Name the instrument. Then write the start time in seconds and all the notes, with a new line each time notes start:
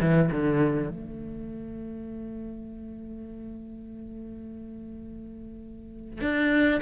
cello
0.00 E3
0.31 D3
0.90 A3
6.21 D4